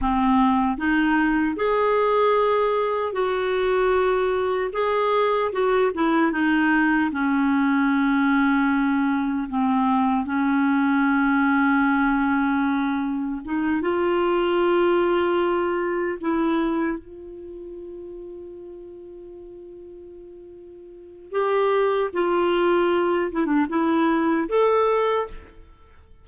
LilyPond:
\new Staff \with { instrumentName = "clarinet" } { \time 4/4 \tempo 4 = 76 c'4 dis'4 gis'2 | fis'2 gis'4 fis'8 e'8 | dis'4 cis'2. | c'4 cis'2.~ |
cis'4 dis'8 f'2~ f'8~ | f'8 e'4 f'2~ f'8~ | f'2. g'4 | f'4. e'16 d'16 e'4 a'4 | }